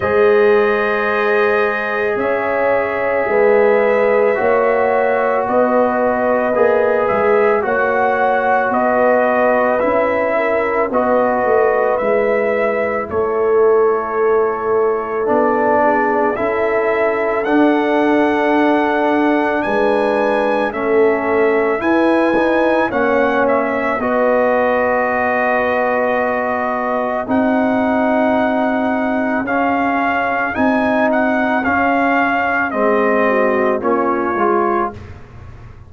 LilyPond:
<<
  \new Staff \with { instrumentName = "trumpet" } { \time 4/4 \tempo 4 = 55 dis''2 e''2~ | e''4 dis''4. e''8 fis''4 | dis''4 e''4 dis''4 e''4 | cis''2 d''4 e''4 |
fis''2 gis''4 e''4 | gis''4 fis''8 e''8 dis''2~ | dis''4 fis''2 f''4 | gis''8 fis''8 f''4 dis''4 cis''4 | }
  \new Staff \with { instrumentName = "horn" } { \time 4/4 c''2 cis''4 b'4 | cis''4 b'2 cis''4 | b'4. ais'8 b'2 | a'2~ a'8 gis'8 a'4~ |
a'2 b'4 a'4 | b'4 cis''4 b'2~ | b'4 gis'2.~ | gis'2~ gis'8 fis'8 f'4 | }
  \new Staff \with { instrumentName = "trombone" } { \time 4/4 gis'1 | fis'2 gis'4 fis'4~ | fis'4 e'4 fis'4 e'4~ | e'2 d'4 e'4 |
d'2. cis'4 | e'8 dis'8 cis'4 fis'2~ | fis'4 dis'2 cis'4 | dis'4 cis'4 c'4 cis'8 f'8 | }
  \new Staff \with { instrumentName = "tuba" } { \time 4/4 gis2 cis'4 gis4 | ais4 b4 ais8 gis8 ais4 | b4 cis'4 b8 a8 gis4 | a2 b4 cis'4 |
d'2 gis4 a4 | e'4 ais4 b2~ | b4 c'2 cis'4 | c'4 cis'4 gis4 ais8 gis8 | }
>>